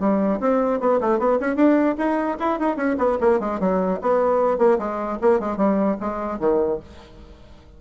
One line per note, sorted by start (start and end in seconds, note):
0.00 0.40 G3
0.40 0.80 C4
0.80 1.00 B3
1.01 1.19 A3
1.19 1.39 B3
1.41 1.56 C#4
1.56 1.96 D4
1.98 2.38 D#4
2.40 2.60 E4
2.60 2.77 D#4
2.77 2.97 C#4
2.98 3.18 B3
3.21 3.40 A#3
3.40 3.60 G#3
3.60 4.00 F#3
4.02 4.58 B3
4.58 4.78 A#3
4.79 5.19 G#3
5.22 5.40 A#3
5.40 5.57 G#3
5.57 5.97 G3
6.01 6.40 G#3
6.40 6.80 D#3